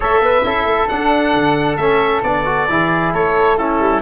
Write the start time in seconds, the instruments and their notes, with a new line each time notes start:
0.00 tuba A3, trombone A4, flute C#5, oboe E5
0.20 tuba B3, flute B4
0.43 tuba C#4, trombone E4, flute A4
0.65 tuba A3
0.88 trombone D4, tuba D4, oboe F#5
1.33 tuba D3
1.76 tuba A3, trombone C#4, oboe E5
2.23 tuba B3, trombone D4, oboe D5
2.45 trombone F#4
2.68 tuba E3, trombone E4, flute G#4
3.13 tuba A3, flute A4, oboe C#5
3.57 trombone C#4, flute E4, oboe A4
3.79 tuba G3